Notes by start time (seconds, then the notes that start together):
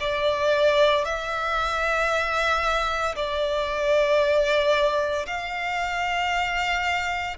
0.00 D5
1.05 E5
3.16 D5
5.27 F5